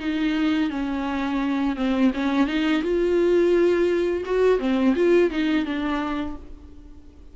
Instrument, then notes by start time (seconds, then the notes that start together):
viola
0.00 D#4
0.70 C#4
1.76 C4
2.14 C#4
2.47 D#4
2.83 F4
4.26 F#4
4.59 C4
4.96 F4
5.31 D#4
5.66 D4